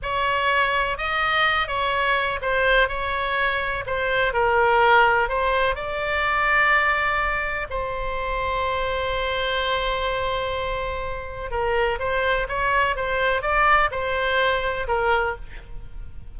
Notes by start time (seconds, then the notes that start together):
0.02 C#5
0.97 D#5
1.67 C#5
2.41 C5
2.88 C#5
3.86 C5
4.33 A#4
5.28 C5
5.75 D5
7.70 C5
11.50 A#4
11.99 C5
12.48 C#5
12.96 C5
13.42 D5
13.91 C5
14.87 A#4